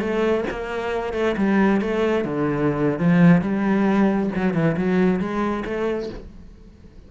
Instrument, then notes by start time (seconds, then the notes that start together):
cello
0.00 A3
0.51 A#3
1.13 A3
1.37 G3
1.81 A3
2.24 D3
2.99 F3
3.41 G3
4.35 F#3
4.54 E3
4.77 F#3
5.20 G#3
5.65 A3